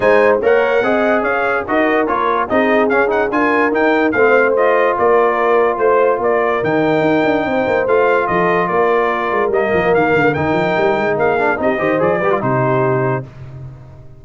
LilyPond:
<<
  \new Staff \with { instrumentName = "trumpet" } { \time 4/4 \tempo 4 = 145 gis''4 fis''2 f''4 | dis''4 cis''4 dis''4 f''8 fis''8 | gis''4 g''4 f''4 dis''4 | d''2 c''4 d''4 |
g''2. f''4 | dis''4 d''2 dis''4 | f''4 g''2 f''4 | dis''4 d''4 c''2 | }
  \new Staff \with { instrumentName = "horn" } { \time 4/4 c''4 cis''4 dis''4 cis''4 | ais'2 gis'2 | ais'2 c''2 | ais'2 c''4 ais'4~ |
ais'2 c''2 | a'4 ais'2.~ | ais'2. gis'4 | g'8 c''4 b'8 g'2 | }
  \new Staff \with { instrumentName = "trombone" } { \time 4/4 dis'4 ais'4 gis'2 | fis'4 f'4 dis'4 cis'8 dis'8 | f'4 dis'4 c'4 f'4~ | f'1 |
dis'2. f'4~ | f'2. ais4~ | ais4 dis'2~ dis'8 d'8 | dis'8 g'8 gis'8 g'16 f'16 dis'2 | }
  \new Staff \with { instrumentName = "tuba" } { \time 4/4 gis4 ais4 c'4 cis'4 | dis'4 ais4 c'4 cis'4 | d'4 dis'4 a2 | ais2 a4 ais4 |
dis4 dis'8 d'8 c'8 ais8 a4 | f4 ais4. gis8 g8 f8 | dis8 d8 dis8 f8 g8 gis8 ais4 | c'8 dis8 f8 g8 c2 | }
>>